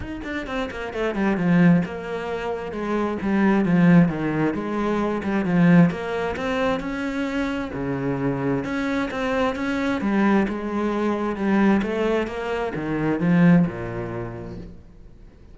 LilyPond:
\new Staff \with { instrumentName = "cello" } { \time 4/4 \tempo 4 = 132 dis'8 d'8 c'8 ais8 a8 g8 f4 | ais2 gis4 g4 | f4 dis4 gis4. g8 | f4 ais4 c'4 cis'4~ |
cis'4 cis2 cis'4 | c'4 cis'4 g4 gis4~ | gis4 g4 a4 ais4 | dis4 f4 ais,2 | }